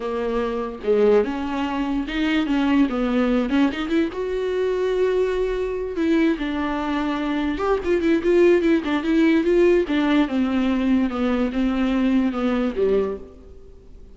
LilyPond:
\new Staff \with { instrumentName = "viola" } { \time 4/4 \tempo 4 = 146 ais2 gis4 cis'4~ | cis'4 dis'4 cis'4 b4~ | b8 cis'8 dis'8 e'8 fis'2~ | fis'2~ fis'8 e'4 d'8~ |
d'2~ d'8 g'8 f'8 e'8 | f'4 e'8 d'8 e'4 f'4 | d'4 c'2 b4 | c'2 b4 g4 | }